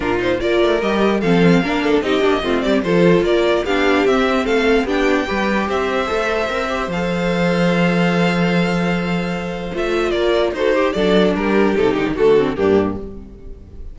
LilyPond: <<
  \new Staff \with { instrumentName = "violin" } { \time 4/4 \tempo 4 = 148 ais'8 c''8 d''4 dis''4 f''4~ | f''4 dis''4. d''8 c''4 | d''4 f''4 e''4 f''4 | g''2 e''2~ |
e''4 f''2.~ | f''1 | e''4 d''4 c''4 d''4 | ais'4 a'8 g'8 a'4 g'4 | }
  \new Staff \with { instrumentName = "violin" } { \time 4/4 f'4 ais'2 a'4 | ais'8 a'8 g'4 f'8 g'8 a'4 | ais'4 g'2 a'4 | g'4 b'4 c''2~ |
c''1~ | c''1~ | c''4 ais'4 a'8 g'8 a'4 | g'2 fis'4 d'4 | }
  \new Staff \with { instrumentName = "viola" } { \time 4/4 d'8 dis'8 f'4 g'4 c'4 | d'4 dis'8 d'8 c'4 f'4~ | f'4 d'4 c'2 | d'4 g'2 a'4 |
ais'8 g'8 a'2.~ | a'1 | f'2 fis'8 g'8 d'4~ | d'4 dis'4 a8 c'8 ais4 | }
  \new Staff \with { instrumentName = "cello" } { \time 4/4 ais,4 ais8 a8 g4 f4 | ais4 c'8 ais8 a8 g8 f4 | ais4 b4 c'4 a4 | b4 g4 c'4 a4 |
c'4 f2.~ | f1 | a4 ais4 dis'4 fis4 | g4 c8 d16 dis16 d4 g,4 | }
>>